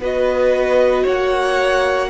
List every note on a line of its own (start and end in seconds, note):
0.00 1.05 B3
0.00 2.10 F#4
0.00 1.04 B4
0.00 1.07 D#5
1.04 2.10 A#3
1.04 2.09 C#5
1.04 2.10 F#5